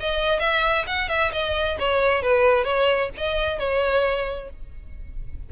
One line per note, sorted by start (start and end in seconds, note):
0.00 0.40 D#5
0.40 0.85 E5
0.87 1.09 F#5
1.09 1.32 E5
1.32 1.78 D#5
1.79 2.23 C#5
2.23 2.64 B4
2.64 3.10 C#5
3.17 3.59 D#5
3.59 4.50 C#5